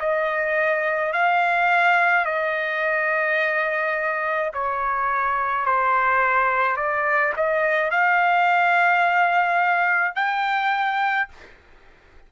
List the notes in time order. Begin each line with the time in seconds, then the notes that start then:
0.00 D#5
1.13 F5
2.26 D#5
4.54 C#5
5.66 C5
6.77 D5
7.37 D#5
7.91 F5
10.15 G5